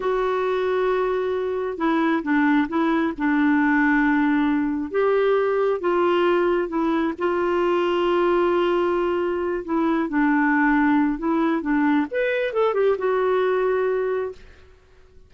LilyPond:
\new Staff \with { instrumentName = "clarinet" } { \time 4/4 \tempo 4 = 134 fis'1 | e'4 d'4 e'4 d'4~ | d'2. g'4~ | g'4 f'2 e'4 |
f'1~ | f'4. e'4 d'4.~ | d'4 e'4 d'4 b'4 | a'8 g'8 fis'2. | }